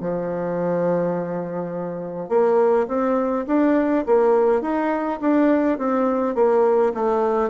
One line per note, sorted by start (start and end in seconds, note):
0.00 2.29 F3
2.29 2.86 A#3
2.87 3.45 C4
3.47 4.05 D4
4.06 4.62 A#3
4.62 5.19 D#4
5.21 5.78 D4
5.78 6.35 C4
6.35 6.92 A#3
6.94 7.49 A3